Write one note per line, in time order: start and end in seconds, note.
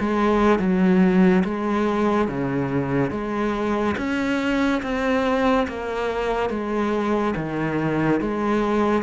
0.00 0.59 G#3
0.59 1.44 F#3
1.44 2.28 G#3
2.28 3.11 C#3
3.11 3.96 G#3
3.98 4.82 C#4
4.82 5.67 C4
5.68 6.50 A#3
6.50 7.34 G#3
7.36 8.21 D#3
8.21 9.03 G#3